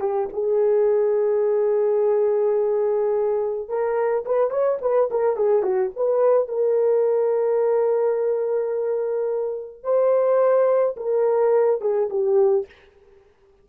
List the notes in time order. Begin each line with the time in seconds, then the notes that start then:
0.00 G4
0.33 G#4
3.68 A#4
4.25 B4
4.50 C#5
4.81 B4
5.10 A#4
5.36 G#4
5.62 F#4
5.96 B4
6.48 A#4
9.83 C5
10.97 A#4
11.81 G#4
12.09 G4